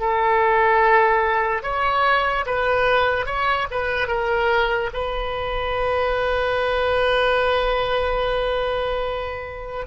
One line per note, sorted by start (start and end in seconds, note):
0.00 1.63 A4
1.63 2.45 C#5
2.46 3.26 B4
3.26 3.67 C#5
3.71 4.08 B4
4.08 4.90 A#4
4.94 9.87 B4